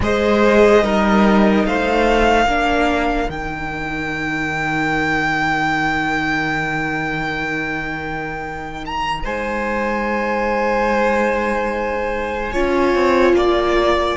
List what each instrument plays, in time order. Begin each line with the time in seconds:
0.00 cello G#3, viola G#4, violin C5 D#5
0.82 cello G3, viola D#4, violin A#4
1.65 cello A3, violin C5 F5
2.46 cello A#3, viola D4, violin A#4
3.28 cello D#3, viola D#4, violin G5
8.86 violin A#5
9.23 cello G#3, violin C5 G#5
12.52 cello C#4, viola F4, violin C#5
12.95 cello C4
13.33 cello A#3, violin D5